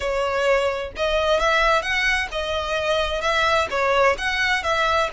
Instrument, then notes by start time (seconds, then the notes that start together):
violin
0.00 C#5
0.96 D#5
1.39 E5
1.81 F#5
2.31 D#5
3.21 E5
3.70 C#5
4.17 F#5
4.63 E5